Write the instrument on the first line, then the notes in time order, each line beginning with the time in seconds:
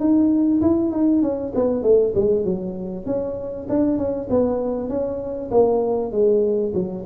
tuba
0.00 D#4
0.62 E4
0.92 D#4
1.22 C#4
1.55 B3
1.83 A3
2.15 G#3
2.45 F#3
3.06 C#4
3.69 D4
3.98 C#4
4.30 B3
4.89 C#4
5.51 A#3
6.12 G#3
6.75 F#3